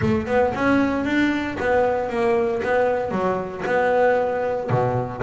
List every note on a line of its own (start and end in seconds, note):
0.01 0.27 A3
0.27 0.53 B3
0.54 1.04 C#4
1.04 1.57 D4
1.59 2.09 B3
2.09 2.61 A#3
2.63 3.11 B3
3.11 3.63 F#3
3.65 4.70 B3
4.70 5.22 B2